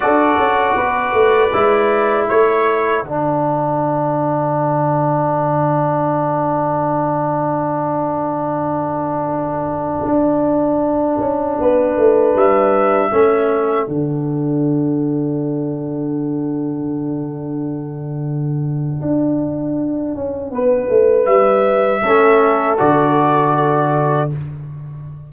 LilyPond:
<<
  \new Staff \with { instrumentName = "trumpet" } { \time 4/4 \tempo 4 = 79 d''2. cis''4 | fis''1~ | fis''1~ | fis''1~ |
fis''16 e''2 fis''4.~ fis''16~ | fis''1~ | fis''1 | e''2 d''2 | }
  \new Staff \with { instrumentName = "horn" } { \time 4/4 a'4 b'2 a'4~ | a'1~ | a'1~ | a'2.~ a'16 b'8.~ |
b'4~ b'16 a'2~ a'8.~ | a'1~ | a'2. b'4~ | b'4 a'2. | }
  \new Staff \with { instrumentName = "trombone" } { \time 4/4 fis'2 e'2 | d'1~ | d'1~ | d'1~ |
d'4~ d'16 cis'4 d'4.~ d'16~ | d'1~ | d'1~ | d'4 cis'4 fis'2 | }
  \new Staff \with { instrumentName = "tuba" } { \time 4/4 d'8 cis'8 b8 a8 gis4 a4 | d1~ | d1~ | d4~ d16 d'4. cis'8 b8 a16~ |
a16 g4 a4 d4.~ d16~ | d1~ | d4 d'4. cis'8 b8 a8 | g4 a4 d2 | }
>>